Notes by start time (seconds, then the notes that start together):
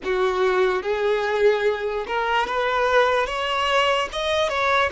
0.04 F#4
0.82 G#4
2.07 A#4
2.46 B4
3.26 C#5
4.12 D#5
4.48 C#5